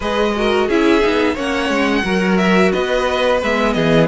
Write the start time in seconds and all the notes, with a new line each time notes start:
0.00 G#3 G#4 B4 D#5
0.36 F#4 A#4
0.67 C#4 E4 G#4 E5
1.00 B3 D#4
1.33 A#3 C#4 C#5 F#5
1.69 G#3
2.03 F#3 F#4 A#4
2.37 E5
2.71 B3 B4 D#5
3.42 G#3 B3 E5
3.73 E3 G#4 D#5